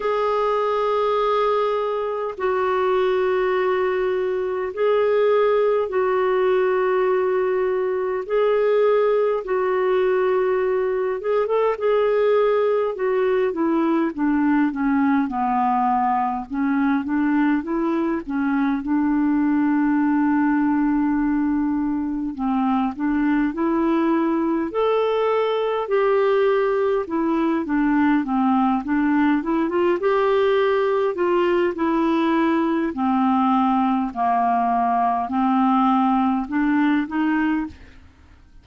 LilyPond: \new Staff \with { instrumentName = "clarinet" } { \time 4/4 \tempo 4 = 51 gis'2 fis'2 | gis'4 fis'2 gis'4 | fis'4. gis'16 a'16 gis'4 fis'8 e'8 | d'8 cis'8 b4 cis'8 d'8 e'8 cis'8 |
d'2. c'8 d'8 | e'4 a'4 g'4 e'8 d'8 | c'8 d'8 e'16 f'16 g'4 f'8 e'4 | c'4 ais4 c'4 d'8 dis'8 | }